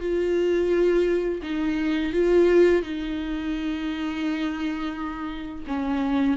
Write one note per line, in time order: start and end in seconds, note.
0.00 1.41 F4
1.43 2.13 D#4
2.13 2.83 F4
2.83 5.65 D#4
5.67 6.38 C#4